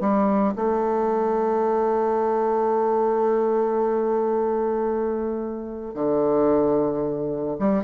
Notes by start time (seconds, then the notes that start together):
0.00 G3
0.55 A3
5.94 D3
7.59 G3